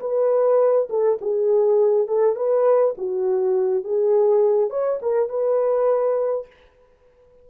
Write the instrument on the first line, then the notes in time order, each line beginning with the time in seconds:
horn
0.00 B4
0.89 A4
1.21 G#4
2.07 A4
2.36 B4
2.97 F#4
3.84 G#4
4.70 C#5
5.02 A#4
5.29 B4